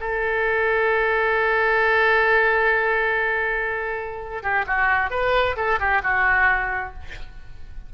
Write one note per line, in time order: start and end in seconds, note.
0.00 4.43 A4
4.43 4.65 G4
4.67 5.10 F#4
5.10 5.56 B4
5.56 5.79 A4
5.79 6.02 G4
6.03 6.94 F#4